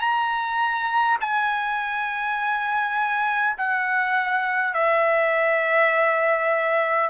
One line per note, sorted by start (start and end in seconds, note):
0.00 1.18 A#5
1.20 3.56 G#5
3.57 4.74 F#5
4.74 7.09 E5